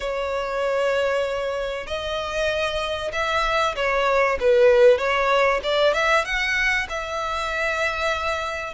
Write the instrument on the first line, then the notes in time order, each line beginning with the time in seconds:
violin
0.00 C#5
1.86 D#5
3.12 E5
3.75 C#5
4.40 B4
4.97 C#5
5.63 D5
5.93 E5
6.24 F#5
6.89 E5